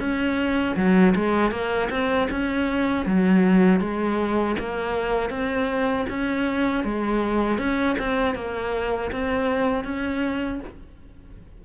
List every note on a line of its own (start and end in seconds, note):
0.00 0.76 C#4
0.76 1.14 F#3
1.15 1.51 G#3
1.51 1.89 A#3
1.90 2.28 C4
2.31 3.06 C#4
3.06 3.80 F#3
3.80 4.56 G#3
4.59 5.30 A#3
5.30 6.06 C4
6.10 6.84 C#4
6.84 7.58 G#3
7.58 7.96 C#4
7.99 8.35 C4
8.35 9.11 A#3
9.12 9.84 C4
9.84 10.60 C#4